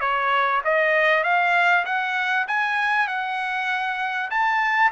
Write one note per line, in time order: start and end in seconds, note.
0.00 0.61 C#5
0.64 1.23 D#5
1.23 1.85 F5
1.85 2.46 F#5
2.47 3.07 G#5
3.07 4.30 F#5
4.30 4.91 A5